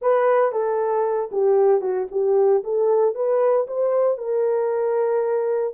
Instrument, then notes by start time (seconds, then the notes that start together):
horn
0.01 B4
0.51 A4
1.31 G4
1.81 F#4
2.11 G4
2.63 A4
3.14 B4
3.67 C5
4.17 A#4